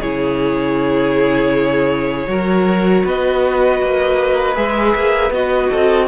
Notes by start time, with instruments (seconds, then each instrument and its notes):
0.00 cello C#3, viola E4, violin G#4 C#5
2.27 cello F#3, viola F#4, violin A#4
3.05 cello B3, violin B4 D#5
3.81 cello A#3
4.55 cello G#3, viola G#4, violin E5
4.96 cello A#3
5.31 cello B3, viola F#4, violin D#5
5.69 cello C4, violin A4